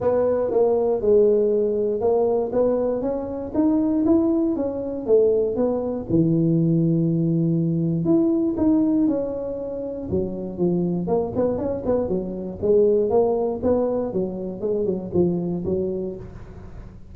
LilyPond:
\new Staff \with { instrumentName = "tuba" } { \time 4/4 \tempo 4 = 119 b4 ais4 gis2 | ais4 b4 cis'4 dis'4 | e'4 cis'4 a4 b4 | e1 |
e'4 dis'4 cis'2 | fis4 f4 ais8 b8 cis'8 b8 | fis4 gis4 ais4 b4 | fis4 gis8 fis8 f4 fis4 | }